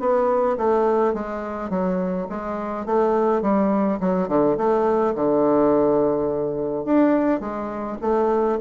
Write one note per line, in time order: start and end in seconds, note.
0.00 0.57 B3
0.58 1.14 A3
1.14 1.70 G#3
1.70 2.27 F#3
2.30 2.86 G#3
2.86 3.42 A3
3.42 3.99 G3
4.00 4.28 F#3
4.28 4.57 D3
4.58 5.15 A3
5.15 6.85 D3
6.85 7.40 D4
7.40 7.97 G#3
8.02 8.59 A3